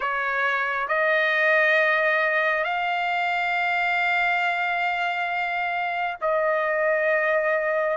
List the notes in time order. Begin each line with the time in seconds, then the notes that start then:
0.00 C#5
0.87 D#5
2.64 F5
6.21 D#5